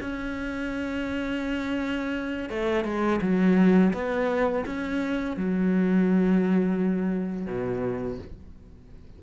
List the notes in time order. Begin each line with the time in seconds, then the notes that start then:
0.00 C#4
2.49 A3
2.84 G#3
3.21 F#3
3.93 B3
4.65 C#4
5.37 F#3
7.46 B2